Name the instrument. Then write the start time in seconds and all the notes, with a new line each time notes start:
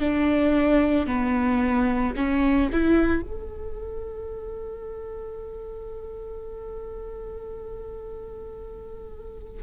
viola
0.00 D4
1.07 B3
2.17 C#4
2.73 E4
3.22 A4